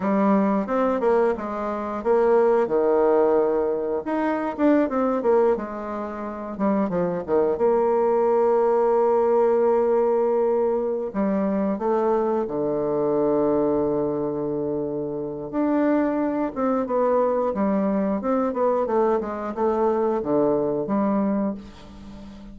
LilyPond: \new Staff \with { instrumentName = "bassoon" } { \time 4/4 \tempo 4 = 89 g4 c'8 ais8 gis4 ais4 | dis2 dis'8. d'8 c'8 ais16~ | ais16 gis4. g8 f8 dis8 ais8.~ | ais1~ |
ais8 g4 a4 d4.~ | d2. d'4~ | d'8 c'8 b4 g4 c'8 b8 | a8 gis8 a4 d4 g4 | }